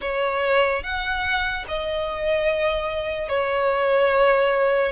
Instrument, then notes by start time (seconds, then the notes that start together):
violin
0.01 C#5
0.83 F#5
1.67 D#5
3.28 C#5